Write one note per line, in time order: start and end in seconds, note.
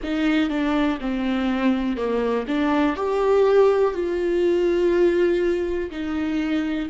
0.03 0.49 D#4
0.49 0.98 D4
1.00 1.96 C4
1.96 2.45 A#3
2.47 2.96 D4
2.96 3.93 G4
3.93 5.90 F4
5.91 6.89 D#4